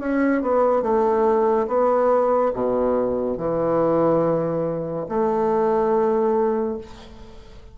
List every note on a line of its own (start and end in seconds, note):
0.00 0.42 C#4
0.42 0.83 B3
0.83 1.67 A3
1.68 2.52 B3
2.54 3.38 B2
3.38 5.07 E3
5.09 6.78 A3